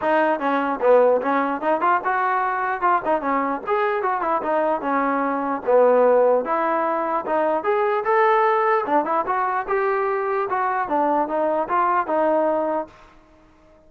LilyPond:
\new Staff \with { instrumentName = "trombone" } { \time 4/4 \tempo 4 = 149 dis'4 cis'4 b4 cis'4 | dis'8 f'8 fis'2 f'8 dis'8 | cis'4 gis'4 fis'8 e'8 dis'4 | cis'2 b2 |
e'2 dis'4 gis'4 | a'2 d'8 e'8 fis'4 | g'2 fis'4 d'4 | dis'4 f'4 dis'2 | }